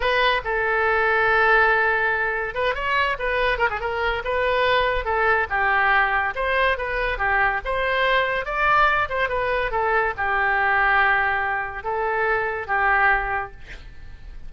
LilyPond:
\new Staff \with { instrumentName = "oboe" } { \time 4/4 \tempo 4 = 142 b'4 a'2.~ | a'2 b'8 cis''4 b'8~ | b'8 ais'16 gis'16 ais'4 b'2 | a'4 g'2 c''4 |
b'4 g'4 c''2 | d''4. c''8 b'4 a'4 | g'1 | a'2 g'2 | }